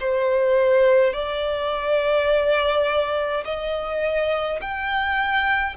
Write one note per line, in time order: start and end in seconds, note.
0.00 1.14 C5
1.14 3.45 D5
3.45 4.60 D#5
4.62 5.77 G5